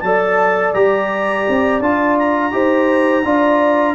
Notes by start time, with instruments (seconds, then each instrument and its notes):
0.00 tuba F#3, trombone A4, horn D5, clarinet A5
0.73 tuba G3, trombone G4, clarinet A#5
1.49 tuba C4
1.80 tuba D4, trombone F4, clarinet A5
2.18 clarinet A#5
2.51 tuba D#4, trombone G4, horn C5
3.24 tuba D4, trombone F4, horn D5